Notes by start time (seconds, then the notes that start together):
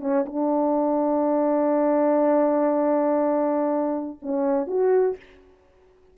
0.00 C#4
0.25 D4
4.22 C#4
4.67 F#4